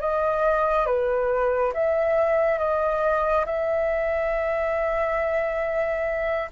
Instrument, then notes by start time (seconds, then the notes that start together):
flute
0.00 D#5
0.86 B4
1.73 E5
2.58 D#5
3.45 E5